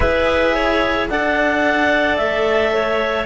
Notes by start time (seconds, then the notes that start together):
0.00 E4 G#4 B4 E5
0.55 C#5
1.09 D4 A4 D5 F#5
2.16 A3 E5
2.73 C#5